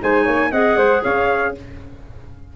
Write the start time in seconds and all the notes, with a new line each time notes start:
0.00 G#3 D#4 C5 G#5
0.24 A#3 C#5
0.51 C4 G#4 D#5 F#5
0.76 G#3 C5
1.03 C#4 C#5 F5